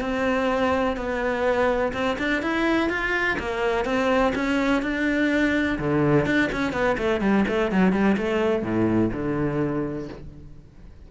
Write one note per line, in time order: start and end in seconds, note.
0.00 0.96 C4
0.96 1.92 B3
1.93 2.17 C4
2.18 2.42 D4
2.42 2.89 E4
2.89 3.37 F4
3.39 3.85 A#3
3.85 4.33 C4
4.35 4.82 C#4
4.82 5.78 D4
5.78 6.26 D3
6.26 6.50 D4
6.52 6.72 C#4
6.72 6.96 B3
6.98 7.20 A3
7.20 7.44 G3
7.48 7.71 A3
7.71 7.92 F#3
7.92 8.16 G3
8.17 8.62 A3
8.62 9.10 A2
9.12 10.08 D3